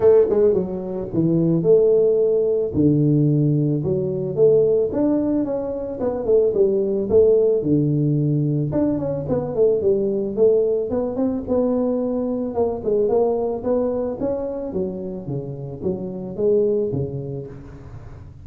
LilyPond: \new Staff \with { instrumentName = "tuba" } { \time 4/4 \tempo 4 = 110 a8 gis8 fis4 e4 a4~ | a4 d2 fis4 | a4 d'4 cis'4 b8 a8 | g4 a4 d2 |
d'8 cis'8 b8 a8 g4 a4 | b8 c'8 b2 ais8 gis8 | ais4 b4 cis'4 fis4 | cis4 fis4 gis4 cis4 | }